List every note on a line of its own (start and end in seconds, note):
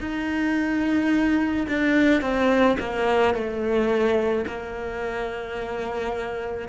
0.00 1.67 D#4
1.68 2.21 D4
2.21 2.77 C4
2.79 3.34 A#3
3.34 4.45 A3
4.47 6.68 A#3